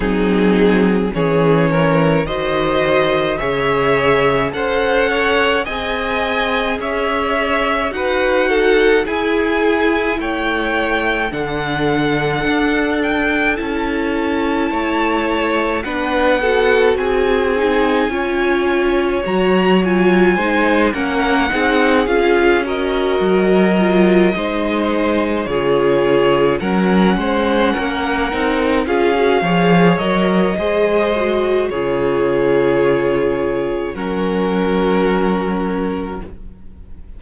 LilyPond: <<
  \new Staff \with { instrumentName = "violin" } { \time 4/4 \tempo 4 = 53 gis'4 cis''4 dis''4 e''4 | fis''4 gis''4 e''4 fis''4 | gis''4 g''4 fis''4. g''8 | a''2 fis''4 gis''4~ |
gis''4 ais''8 gis''4 fis''4 f''8 | dis''2~ dis''8 cis''4 fis''8~ | fis''4. f''4 dis''4. | cis''2 ais'2 | }
  \new Staff \with { instrumentName = "violin" } { \time 4/4 dis'4 gis'8 ais'8 c''4 cis''4 | c''8 cis''8 dis''4 cis''4 b'8 a'8 | gis'4 cis''4 a'2~ | a'4 cis''4 b'8 a'8 gis'4 |
cis''2 c''8 ais'8 gis'4 | ais'4. c''4 gis'4 ais'8 | c''8 ais'4 gis'8 cis''4 c''4 | gis'2 fis'2 | }
  \new Staff \with { instrumentName = "viola" } { \time 4/4 c'4 cis'4 fis'4 gis'4 | a'4 gis'2 fis'4 | e'2 d'2 | e'2 d'8 fis'4 dis'8 |
f'4 fis'8 f'8 dis'8 cis'8 dis'8 f'8 | fis'4 f'8 dis'4 f'4 cis'8~ | cis'4 dis'8 f'16 fis'16 gis'8 ais'8 gis'8 fis'8 | f'2 cis'2 | }
  \new Staff \with { instrumentName = "cello" } { \time 4/4 fis4 e4 dis4 cis4 | cis'4 c'4 cis'4 dis'4 | e'4 a4 d4 d'4 | cis'4 a4 b4 c'4 |
cis'4 fis4 gis8 ais8 c'8 cis'8~ | cis'8 fis4 gis4 cis4 fis8 | gis8 ais8 c'8 cis'8 f8 fis8 gis4 | cis2 fis2 | }
>>